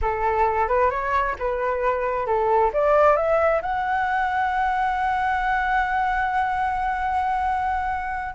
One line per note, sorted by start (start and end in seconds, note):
0.01 0.68 A4
0.68 0.90 B4
0.90 1.35 C#5
1.38 2.26 B4
2.26 2.71 A4
2.73 3.16 D5
3.16 3.61 E5
3.62 8.34 F#5